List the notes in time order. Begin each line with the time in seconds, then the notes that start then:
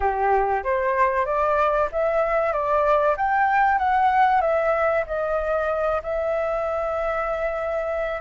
0.00 G4
0.63 C5
1.25 D5
1.91 E5
2.53 D5
3.16 G5
3.78 F#5
4.41 E5
5.06 D#5
6.02 E5